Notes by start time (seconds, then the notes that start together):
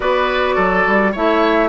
0.00 B3 F#4 B4 D5
0.55 F#3 A4
0.87 G3
1.12 A3 E4 C#5 E5